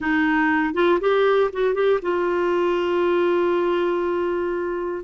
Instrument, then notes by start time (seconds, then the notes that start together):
clarinet
0.00 D#4
0.74 F4
1.00 G4
1.52 F#4
1.74 G4
2.02 F4